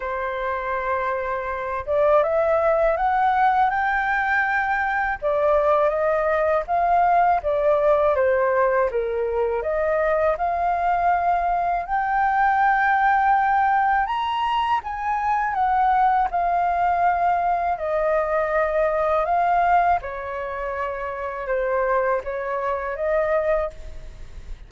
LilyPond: \new Staff \with { instrumentName = "flute" } { \time 4/4 \tempo 4 = 81 c''2~ c''8 d''8 e''4 | fis''4 g''2 d''4 | dis''4 f''4 d''4 c''4 | ais'4 dis''4 f''2 |
g''2. ais''4 | gis''4 fis''4 f''2 | dis''2 f''4 cis''4~ | cis''4 c''4 cis''4 dis''4 | }